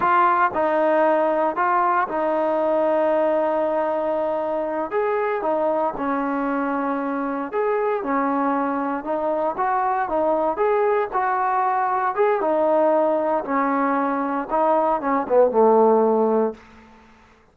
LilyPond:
\new Staff \with { instrumentName = "trombone" } { \time 4/4 \tempo 4 = 116 f'4 dis'2 f'4 | dis'1~ | dis'4. gis'4 dis'4 cis'8~ | cis'2~ cis'8 gis'4 cis'8~ |
cis'4. dis'4 fis'4 dis'8~ | dis'8 gis'4 fis'2 gis'8 | dis'2 cis'2 | dis'4 cis'8 b8 a2 | }